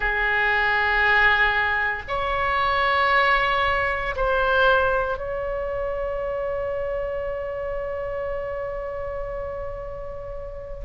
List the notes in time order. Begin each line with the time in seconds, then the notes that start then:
0.00 G#4
2.08 C#5
4.16 C5
5.17 C#5